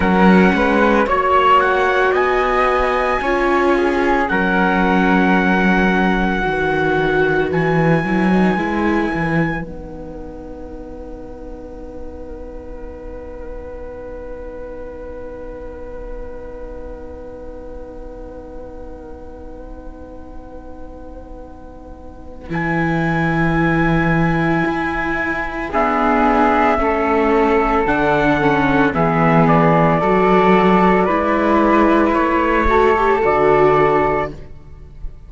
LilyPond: <<
  \new Staff \with { instrumentName = "trumpet" } { \time 4/4 \tempo 4 = 56 fis''4 cis''8 fis''8 gis''2 | fis''2. gis''4~ | gis''4 fis''2.~ | fis''1~ |
fis''1~ | fis''4 gis''2. | e''2 fis''4 e''8 d''8~ | d''2 cis''4 d''4 | }
  \new Staff \with { instrumentName = "flute" } { \time 4/4 ais'8 b'8 cis''4 dis''4 cis''8 gis'8 | ais'2 b'2~ | b'1~ | b'1~ |
b'1~ | b'1 | gis'4 a'2 gis'4 | a'4 b'4. a'4. | }
  \new Staff \with { instrumentName = "viola" } { \time 4/4 cis'4 fis'2 f'4 | cis'2 fis'4. e'16 dis'16 | e'4 dis'2.~ | dis'1~ |
dis'1~ | dis'4 e'2. | b4 cis'4 d'8 cis'8 b4 | fis'4 e'4. fis'16 g'16 fis'4 | }
  \new Staff \with { instrumentName = "cello" } { \time 4/4 fis8 gis8 ais4 b4 cis'4 | fis2 dis4 e8 fis8 | gis8 e8 b2.~ | b1~ |
b1~ | b4 e2 e'4 | d'4 a4 d4 e4 | fis4 gis4 a4 d4 | }
>>